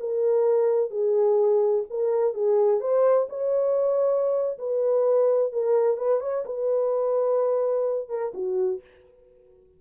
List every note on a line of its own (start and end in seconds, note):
0.00 0.90 A#4
0.90 1.84 G#4
1.90 2.34 A#4
2.34 2.80 G#4
2.80 3.27 C5
3.29 4.58 C#5
4.58 5.52 B4
5.52 5.97 A#4
5.97 6.20 B4
6.20 6.44 C#5
6.45 8.09 B4
8.09 8.32 A#4
8.34 8.81 F#4